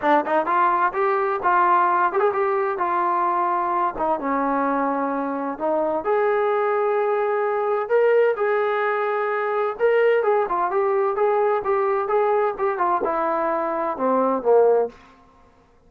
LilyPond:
\new Staff \with { instrumentName = "trombone" } { \time 4/4 \tempo 4 = 129 d'8 dis'8 f'4 g'4 f'4~ | f'8 g'16 gis'16 g'4 f'2~ | f'8 dis'8 cis'2. | dis'4 gis'2.~ |
gis'4 ais'4 gis'2~ | gis'4 ais'4 gis'8 f'8 g'4 | gis'4 g'4 gis'4 g'8 f'8 | e'2 c'4 ais4 | }